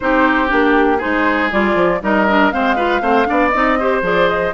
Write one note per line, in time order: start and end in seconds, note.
0.00 0.52 C4
0.00 0.47 D#4
0.00 0.97 G4
0.00 0.49 C5
0.47 1.02 A#3
0.47 0.98 D4
0.47 1.00 G4
0.97 1.50 D#4
0.97 1.98 G#4
0.97 1.50 C5
1.04 1.51 G#3
1.51 1.74 G3
1.51 2.01 F4
1.51 2.02 D5
1.74 2.00 F3
2.01 2.52 G3
2.01 2.27 D#4
2.01 2.53 A#4
2.01 2.51 D#5
2.28 2.51 D4
2.51 3.01 G#3
2.51 2.76 C4
2.51 2.75 C5
2.51 3.49 F5
2.75 3.01 F4
2.75 3.01 B4
3.01 3.26 A3
3.01 3.25 C4
3.01 3.27 C5
3.25 3.54 B3
3.25 3.51 D4
3.25 3.79 D5
3.49 4.02 C4
3.49 3.79 D#4
3.49 4.00 D#5
3.79 4.02 G4
3.79 4.53 C5
4.02 4.52 F3
4.02 4.53 G#4
4.02 4.28 D5
4.28 4.53 D#5